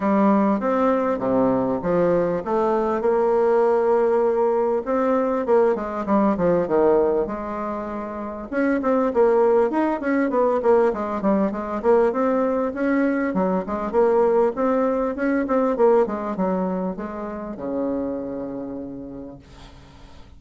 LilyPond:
\new Staff \with { instrumentName = "bassoon" } { \time 4/4 \tempo 4 = 99 g4 c'4 c4 f4 | a4 ais2. | c'4 ais8 gis8 g8 f8 dis4 | gis2 cis'8 c'8 ais4 |
dis'8 cis'8 b8 ais8 gis8 g8 gis8 ais8 | c'4 cis'4 fis8 gis8 ais4 | c'4 cis'8 c'8 ais8 gis8 fis4 | gis4 cis2. | }